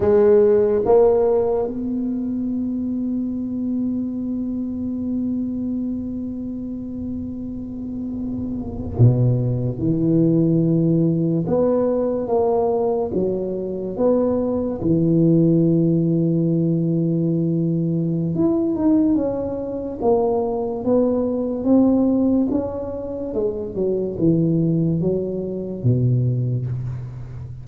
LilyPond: \new Staff \with { instrumentName = "tuba" } { \time 4/4 \tempo 4 = 72 gis4 ais4 b2~ | b1~ | b2~ b8. b,4 e16~ | e4.~ e16 b4 ais4 fis16~ |
fis8. b4 e2~ e16~ | e2 e'8 dis'8 cis'4 | ais4 b4 c'4 cis'4 | gis8 fis8 e4 fis4 b,4 | }